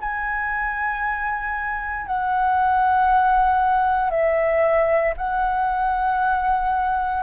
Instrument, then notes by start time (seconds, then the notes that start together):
flute
0.00 G#5
2.06 F#5
4.10 E5
5.16 F#5